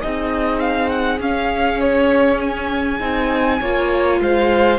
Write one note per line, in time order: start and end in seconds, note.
0.00 1.19 C4
0.00 1.21 D#4
0.00 3.60 G#4
0.00 0.60 D#5
0.60 0.89 F5
0.89 1.19 F#5
1.19 2.99 C#4
1.19 3.00 C#4
1.19 1.81 F5
1.81 2.41 C#5
2.41 4.21 G#5
3.00 3.60 C4
3.00 3.60 D#4
3.60 4.21 A#3
3.60 4.79 F4
3.60 4.20 C#5
4.21 4.79 G#3
4.21 4.79 C5
4.21 4.79 F5